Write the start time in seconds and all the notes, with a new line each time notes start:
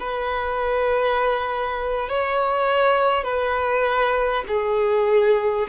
0.00 B4
2.09 C#5
3.24 B4
4.48 G#4